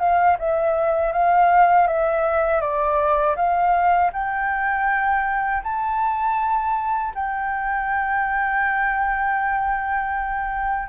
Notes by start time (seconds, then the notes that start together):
0.00 F5
0.40 E5
1.13 F5
1.88 E5
2.61 D5
3.36 F5
4.13 G5
5.64 A5
7.15 G5